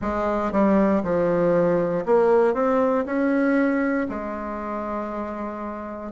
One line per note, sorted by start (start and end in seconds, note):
0.01 0.51 G#3
0.51 1.02 G3
1.03 2.04 F3
2.05 2.54 A#3
2.54 3.05 C4
3.05 4.07 C#4
4.09 6.12 G#3